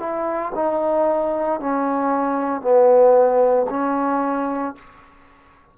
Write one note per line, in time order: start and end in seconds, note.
0.00 0.53 E4
0.55 1.60 D#4
1.60 2.62 C#4
2.62 3.67 B3
3.70 4.75 C#4